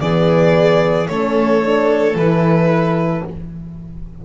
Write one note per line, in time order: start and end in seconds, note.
0.00 1.08 E3
0.00 1.08 B3
0.00 1.08 G#4
0.00 1.07 D5
1.08 2.15 A3
1.08 1.62 C#4
1.08 3.25 A4
1.08 2.15 C#5
1.62 2.15 D4
2.15 3.22 E3
2.15 3.25 E4
2.15 3.25 B4